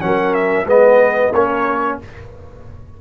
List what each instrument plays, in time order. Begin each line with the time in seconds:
0.00 tuba F#3, trombone C#4, horn A#4, trumpet F#5
0.34 trumpet E5
0.65 tuba G#3, trombone B3, horn B4, trumpet D#5
1.32 tuba A#3, trombone C#4, horn A#4, trumpet C#5